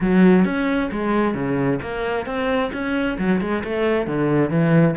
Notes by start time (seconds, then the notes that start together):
0.01 F#3
0.44 C#4
0.91 G#3
1.34 C#3
1.82 A#3
2.26 C4
2.72 C#4
3.18 F#3
3.40 G#3
3.64 A3
4.06 D3
4.49 E3